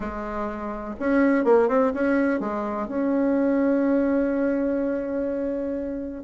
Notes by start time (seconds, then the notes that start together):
0.00 G#3
0.99 C#4
1.44 A#3
1.68 C4
1.94 C#4
2.40 G#3
2.88 C#4